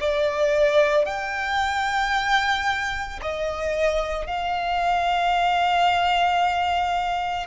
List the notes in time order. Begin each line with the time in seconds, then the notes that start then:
0.00 D5
1.06 G5
3.21 D#5
4.27 F5